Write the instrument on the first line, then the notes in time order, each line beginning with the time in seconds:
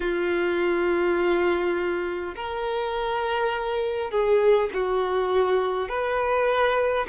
violin
0.00 F4
2.35 A#4
4.11 G#4
4.73 F#4
5.88 B4